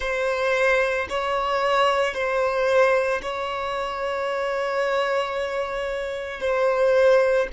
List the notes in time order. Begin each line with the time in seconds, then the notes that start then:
0.00 C5
1.09 C#5
2.14 C5
3.21 C#5
6.40 C5